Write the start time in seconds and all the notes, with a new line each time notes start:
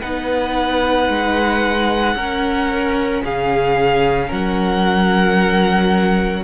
0.00 B3 D#4 B4 F#5
1.08 G#3
2.15 C#4 A#4
3.24 C#3 G#4 F5
4.27 F#3 A#4 F#5